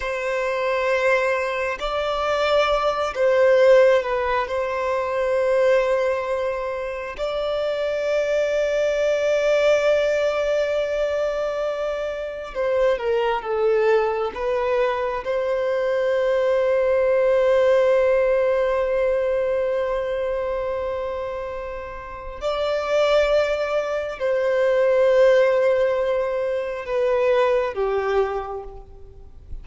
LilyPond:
\new Staff \with { instrumentName = "violin" } { \time 4/4 \tempo 4 = 67 c''2 d''4. c''8~ | c''8 b'8 c''2. | d''1~ | d''2 c''8 ais'8 a'4 |
b'4 c''2.~ | c''1~ | c''4 d''2 c''4~ | c''2 b'4 g'4 | }